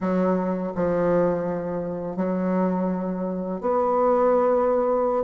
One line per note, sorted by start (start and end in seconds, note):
0.00 0.73 F#3
0.75 2.16 F3
2.16 3.60 F#3
3.60 5.23 B3